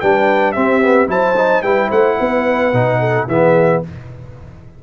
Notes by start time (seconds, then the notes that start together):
0.00 G3 D4 B4 G5
0.52 C4 G4 E5
0.82 B3
1.07 F#3 E4 C5 A5
1.36 D#4
1.62 G3 E4 B4 G5
1.88 A3 C5 F#5
2.19 B3 B4
2.73 B2 D#4
2.99 A4
3.27 E3 B3 G#4 E5